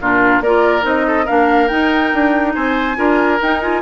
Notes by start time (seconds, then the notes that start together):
0.00 A#2 D4 F4 A#4
0.40 A#3 F4 A#4 D5
0.81 C4 D#4 D#5
1.07 A4
1.25 A#3 D4 A#4 F5
1.68 D#4 G5
2.13 D4
2.54 C4 C5 G#5
2.96 D4 F4 A#4
3.41 D#4 G5
3.60 F4 G#5